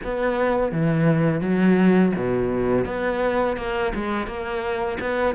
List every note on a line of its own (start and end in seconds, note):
0.04 0.71 B3
0.71 1.41 E3
1.41 2.12 F#3
2.15 2.85 B2
2.85 3.56 B3
3.56 3.92 A#3
3.94 4.26 G#3
4.26 4.98 A#3
5.00 5.35 B3